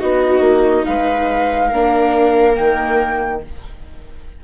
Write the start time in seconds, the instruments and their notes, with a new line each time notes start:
0.00 bassoon B3, viola D#4 F#4, flute D#5
0.40 bassoon A#3
0.85 bassoon G#3, viola B4, flute F5
1.69 bassoon A#3, viola D4 A#4
2.54 bassoon D#3, viola A#3, flute G5